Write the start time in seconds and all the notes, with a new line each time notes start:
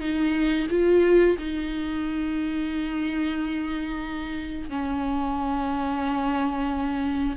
0.00 D#4
0.70 F4
1.38 D#4
4.69 C#4